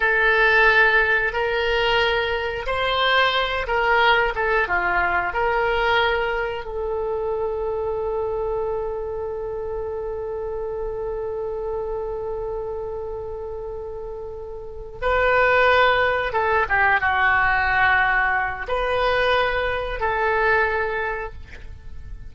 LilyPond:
\new Staff \with { instrumentName = "oboe" } { \time 4/4 \tempo 4 = 90 a'2 ais'2 | c''4. ais'4 a'8 f'4 | ais'2 a'2~ | a'1~ |
a'1~ | a'2~ a'8 b'4.~ | b'8 a'8 g'8 fis'2~ fis'8 | b'2 a'2 | }